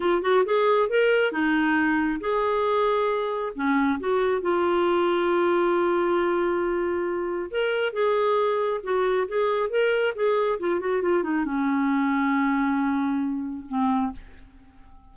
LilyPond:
\new Staff \with { instrumentName = "clarinet" } { \time 4/4 \tempo 4 = 136 f'8 fis'8 gis'4 ais'4 dis'4~ | dis'4 gis'2. | cis'4 fis'4 f'2~ | f'1~ |
f'4 ais'4 gis'2 | fis'4 gis'4 ais'4 gis'4 | f'8 fis'8 f'8 dis'8 cis'2~ | cis'2. c'4 | }